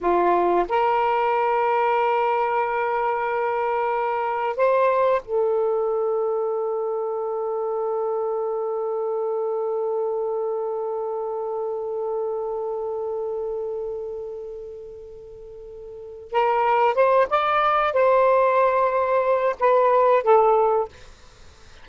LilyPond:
\new Staff \with { instrumentName = "saxophone" } { \time 4/4 \tempo 4 = 92 f'4 ais'2.~ | ais'2. c''4 | a'1~ | a'1~ |
a'1~ | a'1~ | a'4 ais'4 c''8 d''4 c''8~ | c''2 b'4 a'4 | }